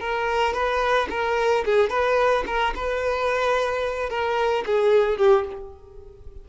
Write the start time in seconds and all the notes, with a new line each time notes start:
0.00 A#4
0.53 B4
1.10 A#4
1.65 G#4
1.89 B4
2.46 A#4
2.75 B4
4.10 A#4
4.66 G#4
5.17 G4